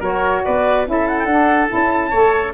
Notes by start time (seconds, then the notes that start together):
0.00 F#3 F#4 A#4 C#5
0.45 B3 B4 D5
0.86 C#4 E4 A4 E5
1.08 F#5
1.19 F#5 G5
1.26 D4
1.70 C#4 E4 A5
2.10 A3 A4 C#5